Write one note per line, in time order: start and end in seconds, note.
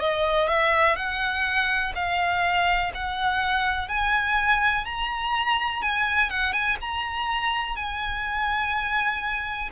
0.00 0.48 D#5
0.48 0.96 E5
0.96 1.93 F#5
1.95 2.92 F5
2.95 3.89 F#5
3.89 4.86 G#5
4.86 5.82 A#5
5.82 6.30 G#5
6.30 6.53 F#5
6.53 6.77 G#5
6.81 7.76 A#5
7.76 9.70 G#5